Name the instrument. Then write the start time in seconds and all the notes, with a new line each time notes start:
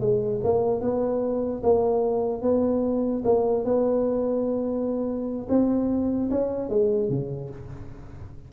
tuba
0.00 G#3
0.44 A#3
0.81 B3
1.63 A#3
2.42 B3
3.25 A#3
3.64 B3
5.49 C4
6.31 C#4
6.70 G#3
7.09 C#3